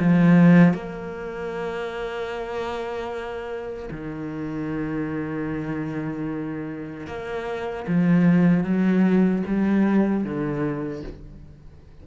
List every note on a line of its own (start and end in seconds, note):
0.00 0.74 F3
0.74 3.90 A#3
3.92 7.07 D#3
7.07 7.86 A#3
7.88 8.64 F3
8.64 9.43 F#3
9.47 10.24 G3
10.24 11.03 D3